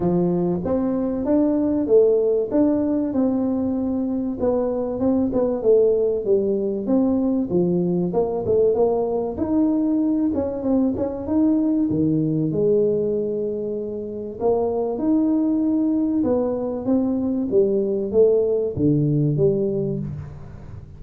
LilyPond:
\new Staff \with { instrumentName = "tuba" } { \time 4/4 \tempo 4 = 96 f4 c'4 d'4 a4 | d'4 c'2 b4 | c'8 b8 a4 g4 c'4 | f4 ais8 a8 ais4 dis'4~ |
dis'8 cis'8 c'8 cis'8 dis'4 dis4 | gis2. ais4 | dis'2 b4 c'4 | g4 a4 d4 g4 | }